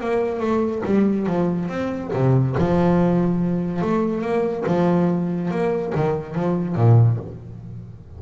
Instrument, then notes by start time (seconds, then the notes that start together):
double bass
0.00 A#3
0.40 A3
0.85 G3
1.26 F3
1.68 C4
2.13 C3
2.58 F3
3.82 A3
4.21 A#3
4.67 F3
5.51 A#3
5.95 D#3
6.35 F3
6.75 A#2